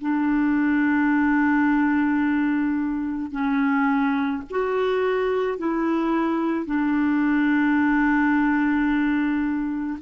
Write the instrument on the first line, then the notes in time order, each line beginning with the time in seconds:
clarinet
0.00 D4
3.31 C#4
4.50 F#4
5.58 E4
6.66 D4